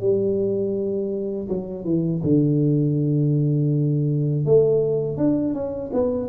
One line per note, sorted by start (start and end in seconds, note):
0.00 1.48 G3
1.48 1.85 F#3
1.85 2.22 E3
2.23 4.45 D3
4.45 5.17 A3
5.17 5.54 D4
5.54 5.91 C#4
5.93 6.29 B3